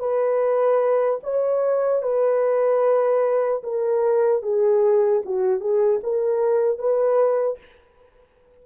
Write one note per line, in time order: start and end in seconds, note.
0.00 1.20 B4
1.24 2.03 C#5
2.03 3.63 B4
3.63 4.43 A#4
4.43 5.23 G#4
5.25 5.61 F#4
5.61 6.01 G#4
6.03 6.79 A#4
6.79 7.59 B4